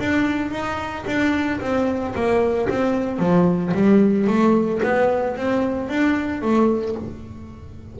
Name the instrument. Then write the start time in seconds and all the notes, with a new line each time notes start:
double bass
0.00 D4
0.52 D#4
1.07 D4
1.61 C4
2.16 A#3
2.70 C4
3.19 F3
3.74 G3
4.28 A3
4.84 B3
5.37 C4
5.89 D4
6.42 A3